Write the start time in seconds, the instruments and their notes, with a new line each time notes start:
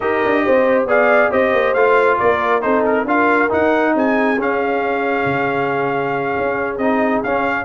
0.00 tuba D#4, trombone G4, horn A#4, trumpet D#5
0.25 tuba D4
0.45 tuba C4, horn C5
0.84 tuba B3, trombone G#4, horn D5, trumpet F5
1.30 tuba C4, trombone G4, horn C5, trumpet D#5
1.52 tuba A#3
1.74 tuba A3, trombone F4, trumpet F5
2.18 tuba A#3, horn A#4, trumpet D5
2.61 tuba C4, trombone D#4, horn A4, trumpet C5
2.85 trumpet A#4
3.04 tuba D4, trombone F4, horn A#4, trumpet F5
3.49 trombone D#4, tuba D#4, trumpet F#5
3.94 tuba C4, horn G#4, trumpet G#5
4.38 tuba C#4, trombone C#4, trumpet F5
5.25 tuba C#3
6.37 tuba C#4
6.77 tuba C4, trombone D#4, trumpet D#5
7.23 tuba C#4, trombone C#4, trumpet F5